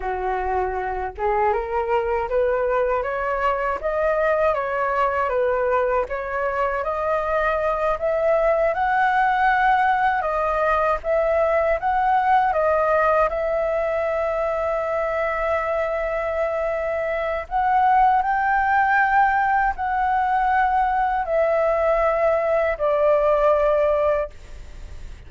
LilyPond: \new Staff \with { instrumentName = "flute" } { \time 4/4 \tempo 4 = 79 fis'4. gis'8 ais'4 b'4 | cis''4 dis''4 cis''4 b'4 | cis''4 dis''4. e''4 fis''8~ | fis''4. dis''4 e''4 fis''8~ |
fis''8 dis''4 e''2~ e''8~ | e''2. fis''4 | g''2 fis''2 | e''2 d''2 | }